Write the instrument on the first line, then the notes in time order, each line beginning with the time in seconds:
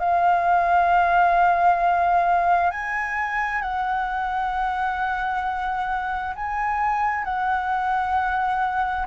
flute
0.00 F5
2.71 G#5
3.62 F#5
6.36 G#5
7.25 F#5